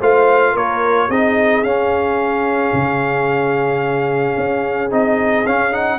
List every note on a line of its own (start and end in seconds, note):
0.00 0.55 A3
0.00 1.10 F4
0.00 0.52 C5
0.00 0.56 F5
0.52 1.09 A#3
0.52 1.06 A#4
0.52 1.10 C#5
1.08 1.63 C4
1.08 1.64 D#4
1.08 5.99 G#4
1.08 1.63 D#5
1.63 2.72 C#4
1.63 4.90 C#4
1.63 4.90 F5
2.73 4.36 C#3
4.37 4.91 C#4
4.90 5.45 C4
4.90 5.45 D#4
4.90 5.46 D#5
5.46 5.99 C#4
5.46 5.72 C#4
5.46 5.73 F5
5.72 5.99 D#4
5.72 5.99 F#5